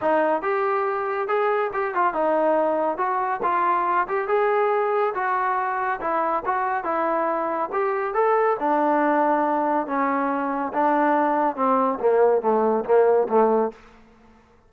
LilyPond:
\new Staff \with { instrumentName = "trombone" } { \time 4/4 \tempo 4 = 140 dis'4 g'2 gis'4 | g'8 f'8 dis'2 fis'4 | f'4. g'8 gis'2 | fis'2 e'4 fis'4 |
e'2 g'4 a'4 | d'2. cis'4~ | cis'4 d'2 c'4 | ais4 a4 ais4 a4 | }